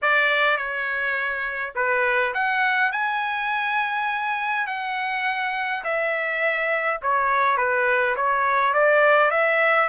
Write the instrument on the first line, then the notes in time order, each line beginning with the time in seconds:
trumpet
0.02 D5
0.57 C#5
1.75 B4
2.34 F#5
2.92 G#5
4.67 F#5
5.84 E5
7.02 C#5
7.57 B4
8.16 C#5
8.73 D5
9.30 E5